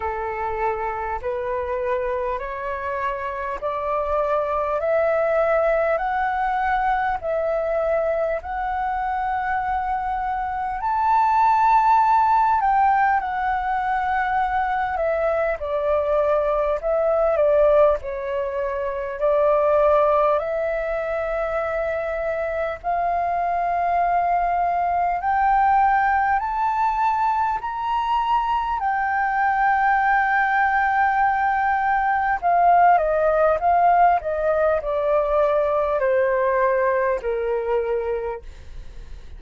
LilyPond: \new Staff \with { instrumentName = "flute" } { \time 4/4 \tempo 4 = 50 a'4 b'4 cis''4 d''4 | e''4 fis''4 e''4 fis''4~ | fis''4 a''4. g''8 fis''4~ | fis''8 e''8 d''4 e''8 d''8 cis''4 |
d''4 e''2 f''4~ | f''4 g''4 a''4 ais''4 | g''2. f''8 dis''8 | f''8 dis''8 d''4 c''4 ais'4 | }